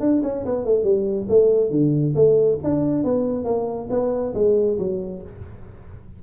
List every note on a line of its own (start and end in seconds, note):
0.00 0.22 D4
0.23 0.45 C#4
0.45 0.65 B3
0.65 0.84 A3
0.84 1.27 G3
1.29 1.71 A3
1.71 2.14 D3
2.15 2.59 A3
2.63 3.04 D4
3.04 3.44 B3
3.44 3.88 A#3
3.90 4.34 B3
4.35 4.78 G#3
4.79 5.22 F#3